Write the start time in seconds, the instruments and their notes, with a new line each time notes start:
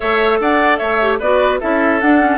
0.00 bassoon A3, clarinet A4, oboe C#5, flute E5
0.40 bassoon D4, oboe D5, flute F#5
0.77 bassoon A3, oboe C#5, flute E5
1.00 clarinet G4
1.19 bassoon B3, clarinet F#4, oboe B4, flute D5
1.60 bassoon C#4, clarinet E4, oboe A4, flute E5
2.00 clarinet D4, bassoon D4, flute F#5
2.20 clarinet C#4